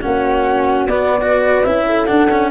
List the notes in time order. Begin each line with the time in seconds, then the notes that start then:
0.00 A#3 C#4 F#4 F#5
0.86 B3 D5
1.20 F#4 B4
1.63 C#4 E4 E5
1.85 A4
2.06 D4 F#5
2.30 C#4